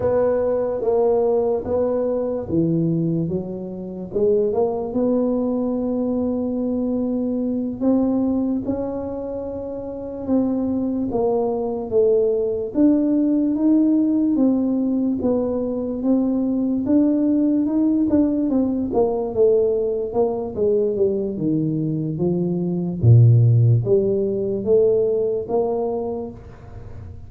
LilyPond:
\new Staff \with { instrumentName = "tuba" } { \time 4/4 \tempo 4 = 73 b4 ais4 b4 e4 | fis4 gis8 ais8 b2~ | b4. c'4 cis'4.~ | cis'8 c'4 ais4 a4 d'8~ |
d'8 dis'4 c'4 b4 c'8~ | c'8 d'4 dis'8 d'8 c'8 ais8 a8~ | a8 ais8 gis8 g8 dis4 f4 | ais,4 g4 a4 ais4 | }